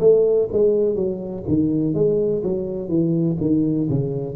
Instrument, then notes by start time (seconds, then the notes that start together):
tuba
0.00 A3
0.52 G#3
0.95 F#3
1.48 D#3
1.94 G#3
2.43 F#3
2.89 E3
3.41 D#3
3.90 C#3